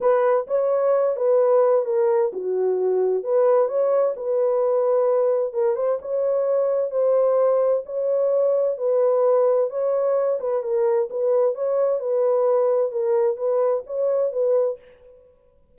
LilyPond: \new Staff \with { instrumentName = "horn" } { \time 4/4 \tempo 4 = 130 b'4 cis''4. b'4. | ais'4 fis'2 b'4 | cis''4 b'2. | ais'8 c''8 cis''2 c''4~ |
c''4 cis''2 b'4~ | b'4 cis''4. b'8 ais'4 | b'4 cis''4 b'2 | ais'4 b'4 cis''4 b'4 | }